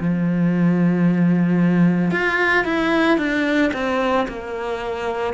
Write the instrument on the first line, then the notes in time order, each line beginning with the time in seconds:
cello
0.00 F3
2.11 F4
2.65 E4
3.18 D4
3.74 C4
4.29 A#3